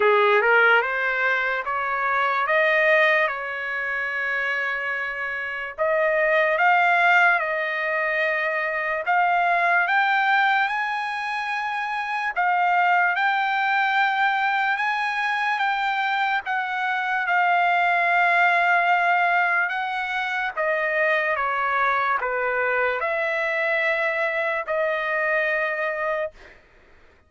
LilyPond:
\new Staff \with { instrumentName = "trumpet" } { \time 4/4 \tempo 4 = 73 gis'8 ais'8 c''4 cis''4 dis''4 | cis''2. dis''4 | f''4 dis''2 f''4 | g''4 gis''2 f''4 |
g''2 gis''4 g''4 | fis''4 f''2. | fis''4 dis''4 cis''4 b'4 | e''2 dis''2 | }